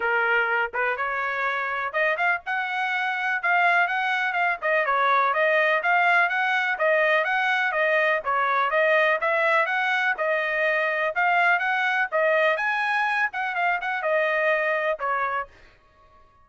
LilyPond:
\new Staff \with { instrumentName = "trumpet" } { \time 4/4 \tempo 4 = 124 ais'4. b'8 cis''2 | dis''8 f''8 fis''2 f''4 | fis''4 f''8 dis''8 cis''4 dis''4 | f''4 fis''4 dis''4 fis''4 |
dis''4 cis''4 dis''4 e''4 | fis''4 dis''2 f''4 | fis''4 dis''4 gis''4. fis''8 | f''8 fis''8 dis''2 cis''4 | }